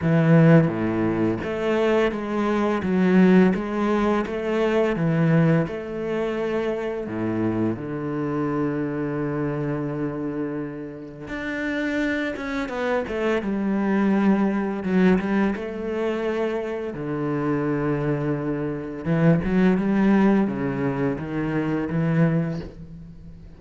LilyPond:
\new Staff \with { instrumentName = "cello" } { \time 4/4 \tempo 4 = 85 e4 a,4 a4 gis4 | fis4 gis4 a4 e4 | a2 a,4 d4~ | d1 |
d'4. cis'8 b8 a8 g4~ | g4 fis8 g8 a2 | d2. e8 fis8 | g4 cis4 dis4 e4 | }